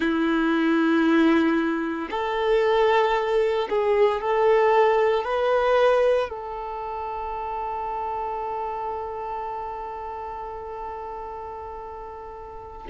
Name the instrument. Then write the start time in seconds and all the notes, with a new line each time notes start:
violin
0.00 E4
2.10 A4
3.69 G#4
4.21 A4
5.23 B4
6.29 A4